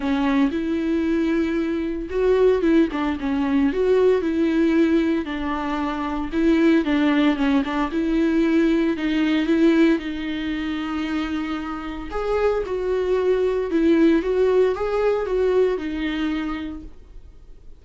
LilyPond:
\new Staff \with { instrumentName = "viola" } { \time 4/4 \tempo 4 = 114 cis'4 e'2. | fis'4 e'8 d'8 cis'4 fis'4 | e'2 d'2 | e'4 d'4 cis'8 d'8 e'4~ |
e'4 dis'4 e'4 dis'4~ | dis'2. gis'4 | fis'2 e'4 fis'4 | gis'4 fis'4 dis'2 | }